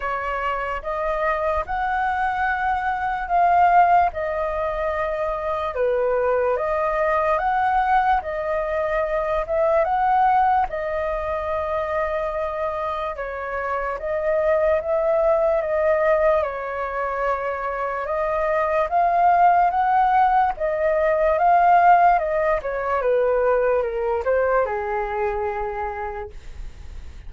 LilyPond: \new Staff \with { instrumentName = "flute" } { \time 4/4 \tempo 4 = 73 cis''4 dis''4 fis''2 | f''4 dis''2 b'4 | dis''4 fis''4 dis''4. e''8 | fis''4 dis''2. |
cis''4 dis''4 e''4 dis''4 | cis''2 dis''4 f''4 | fis''4 dis''4 f''4 dis''8 cis''8 | b'4 ais'8 c''8 gis'2 | }